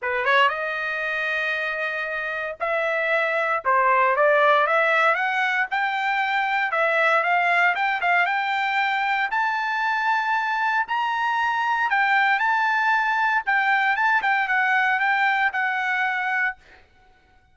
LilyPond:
\new Staff \with { instrumentName = "trumpet" } { \time 4/4 \tempo 4 = 116 b'8 cis''8 dis''2.~ | dis''4 e''2 c''4 | d''4 e''4 fis''4 g''4~ | g''4 e''4 f''4 g''8 f''8 |
g''2 a''2~ | a''4 ais''2 g''4 | a''2 g''4 a''8 g''8 | fis''4 g''4 fis''2 | }